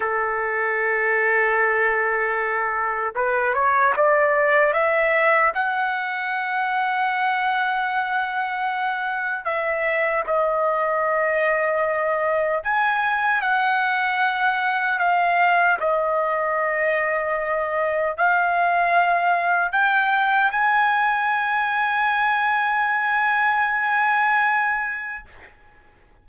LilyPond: \new Staff \with { instrumentName = "trumpet" } { \time 4/4 \tempo 4 = 76 a'1 | b'8 cis''8 d''4 e''4 fis''4~ | fis''1 | e''4 dis''2. |
gis''4 fis''2 f''4 | dis''2. f''4~ | f''4 g''4 gis''2~ | gis''1 | }